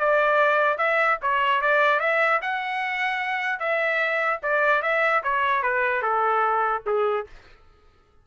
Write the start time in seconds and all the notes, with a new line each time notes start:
0.00 D5
0.78 E5
1.22 C#5
1.62 D5
2.00 E5
2.42 F#5
3.60 E5
4.43 D5
4.83 E5
5.24 C#5
5.63 B4
6.03 A4
6.87 G#4